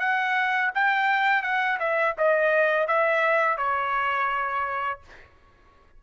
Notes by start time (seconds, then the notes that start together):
0.00 F#5
0.75 G5
1.43 F#5
1.80 E5
2.18 D#5
2.88 E5
3.58 C#5